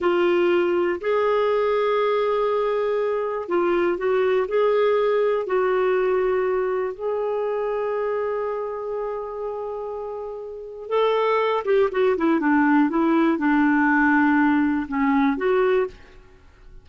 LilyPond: \new Staff \with { instrumentName = "clarinet" } { \time 4/4 \tempo 4 = 121 f'2 gis'2~ | gis'2. f'4 | fis'4 gis'2 fis'4~ | fis'2 gis'2~ |
gis'1~ | gis'2 a'4. g'8 | fis'8 e'8 d'4 e'4 d'4~ | d'2 cis'4 fis'4 | }